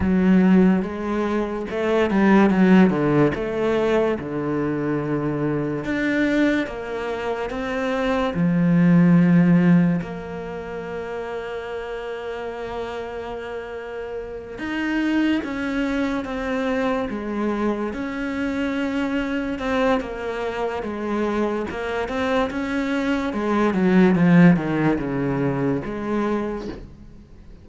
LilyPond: \new Staff \with { instrumentName = "cello" } { \time 4/4 \tempo 4 = 72 fis4 gis4 a8 g8 fis8 d8 | a4 d2 d'4 | ais4 c'4 f2 | ais1~ |
ais4. dis'4 cis'4 c'8~ | c'8 gis4 cis'2 c'8 | ais4 gis4 ais8 c'8 cis'4 | gis8 fis8 f8 dis8 cis4 gis4 | }